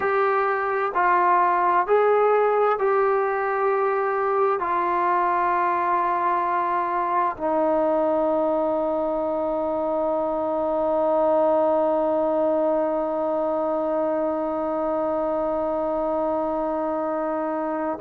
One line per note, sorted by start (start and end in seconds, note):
0.00 0.92 G4
0.94 1.86 F4
1.87 2.78 G#4
2.78 4.59 G4
4.59 7.36 F4
7.37 17.99 D#4